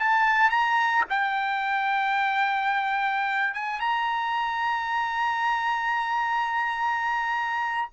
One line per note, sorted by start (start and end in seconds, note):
0.00 0.51 A5
0.51 1.05 A#5
1.10 3.54 G5
3.54 3.81 G#5
3.81 7.90 A#5